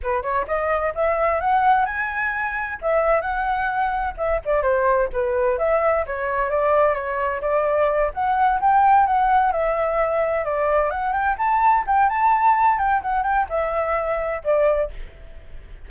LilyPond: \new Staff \with { instrumentName = "flute" } { \time 4/4 \tempo 4 = 129 b'8 cis''8 dis''4 e''4 fis''4 | gis''2 e''4 fis''4~ | fis''4 e''8 d''8 c''4 b'4 | e''4 cis''4 d''4 cis''4 |
d''4. fis''4 g''4 fis''8~ | fis''8 e''2 d''4 fis''8 | g''8 a''4 g''8 a''4. g''8 | fis''8 g''8 e''2 d''4 | }